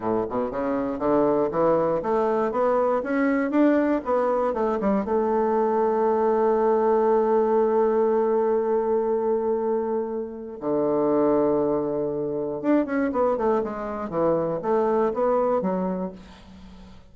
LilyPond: \new Staff \with { instrumentName = "bassoon" } { \time 4/4 \tempo 4 = 119 a,8 b,8 cis4 d4 e4 | a4 b4 cis'4 d'4 | b4 a8 g8 a2~ | a1~ |
a1~ | a4 d2.~ | d4 d'8 cis'8 b8 a8 gis4 | e4 a4 b4 fis4 | }